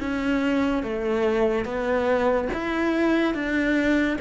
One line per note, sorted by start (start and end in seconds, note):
0.00 0.83 C#4
0.83 1.65 A3
1.65 2.48 B3
2.53 3.34 E4
3.34 4.17 D4